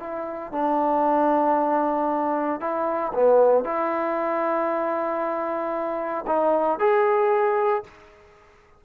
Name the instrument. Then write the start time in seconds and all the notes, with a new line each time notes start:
trombone
0.00 E4
0.52 D4
2.61 E4
3.14 B3
3.65 E4
6.27 D#4
6.80 G#4